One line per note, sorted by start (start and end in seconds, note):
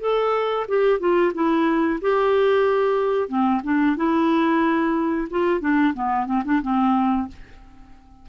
0.00 0.66 A4
0.67 0.99 G4
0.99 1.32 F4
1.33 1.99 E4
2.00 3.28 G4
3.28 3.61 C4
3.63 3.96 D4
3.96 5.28 E4
5.30 5.60 F4
5.60 5.93 D4
5.94 6.26 B3
6.26 6.42 C4
6.45 6.61 D4
6.62 7.28 C4